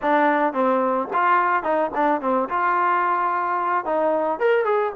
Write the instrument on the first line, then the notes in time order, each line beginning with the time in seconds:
trombone
0.02 D4
0.53 C4
1.13 F4
1.63 D#4
1.94 D4
2.21 C4
2.49 F4
3.85 D#4
4.39 A#4
4.64 G#4